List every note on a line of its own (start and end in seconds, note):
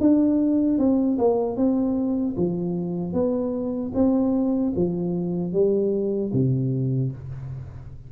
0.00 0.78 D4
0.78 1.18 C4
1.18 1.57 A#3
1.57 2.36 C4
2.37 3.13 F3
3.13 3.92 B3
3.94 4.73 C4
4.76 5.53 F3
5.53 6.32 G3
6.33 7.12 C3